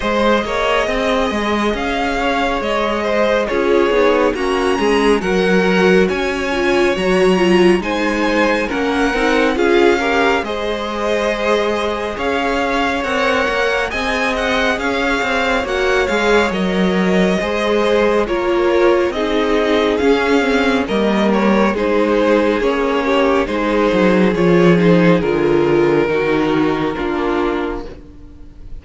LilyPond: <<
  \new Staff \with { instrumentName = "violin" } { \time 4/4 \tempo 4 = 69 dis''2 f''4 dis''4 | cis''4 ais''4 fis''4 gis''4 | ais''4 gis''4 fis''4 f''4 | dis''2 f''4 fis''4 |
gis''8 fis''8 f''4 fis''8 f''8 dis''4~ | dis''4 cis''4 dis''4 f''4 | dis''8 cis''8 c''4 cis''4 c''4 | cis''8 c''8 ais'2. | }
  \new Staff \with { instrumentName = "violin" } { \time 4/4 c''8 cis''8 dis''4. cis''4 c''8 | gis'4 fis'8 gis'8 ais'4 cis''4~ | cis''4 c''4 ais'4 gis'8 ais'8 | c''2 cis''2 |
dis''4 cis''2. | c''4 ais'4 gis'2 | ais'4 gis'4. g'8 gis'4~ | gis'2 fis'4 f'4 | }
  \new Staff \with { instrumentName = "viola" } { \time 4/4 gis'1 | f'8 dis'8 cis'4 fis'4. f'8 | fis'8 f'8 dis'4 cis'8 dis'8 f'8 g'8 | gis'2. ais'4 |
gis'2 fis'8 gis'8 ais'4 | gis'4 f'4 dis'4 cis'8 c'8 | ais4 dis'4 cis'4 dis'4 | f'8 dis'8 f'4 dis'4 d'4 | }
  \new Staff \with { instrumentName = "cello" } { \time 4/4 gis8 ais8 c'8 gis8 cis'4 gis4 | cis'8 b8 ais8 gis8 fis4 cis'4 | fis4 gis4 ais8 c'8 cis'4 | gis2 cis'4 c'8 ais8 |
c'4 cis'8 c'8 ais8 gis8 fis4 | gis4 ais4 c'4 cis'4 | g4 gis4 ais4 gis8 fis8 | f4 d4 dis4 ais4 | }
>>